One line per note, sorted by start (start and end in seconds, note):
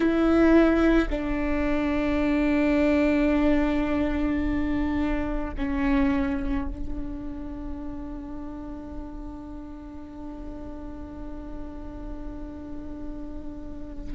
0.00 1.09 E4
1.09 5.54 D4
5.57 6.68 C#4
6.68 14.15 D4